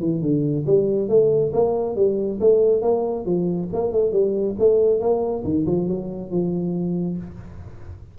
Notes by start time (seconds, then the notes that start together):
0.00 E3
0.22 D3
0.66 G3
1.09 A3
1.53 A#3
1.96 G3
2.40 A3
2.82 A#3
3.25 F3
3.73 A#3
3.92 A3
4.12 G3
4.59 A3
5.00 A#3
5.44 D#3
5.66 F3
5.88 F#3
6.31 F3